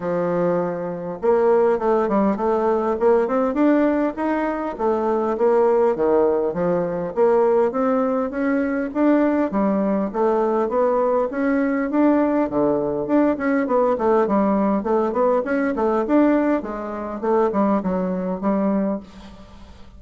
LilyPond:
\new Staff \with { instrumentName = "bassoon" } { \time 4/4 \tempo 4 = 101 f2 ais4 a8 g8 | a4 ais8 c'8 d'4 dis'4 | a4 ais4 dis4 f4 | ais4 c'4 cis'4 d'4 |
g4 a4 b4 cis'4 | d'4 d4 d'8 cis'8 b8 a8 | g4 a8 b8 cis'8 a8 d'4 | gis4 a8 g8 fis4 g4 | }